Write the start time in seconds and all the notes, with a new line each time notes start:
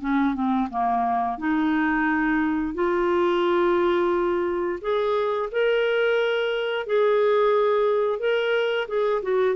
0.00 C#4
0.34 C4
0.69 A#3
1.38 D#4
2.74 F4
4.81 G#4
5.51 A#4
6.86 G#4
8.19 A#4
8.88 G#4
9.22 F#4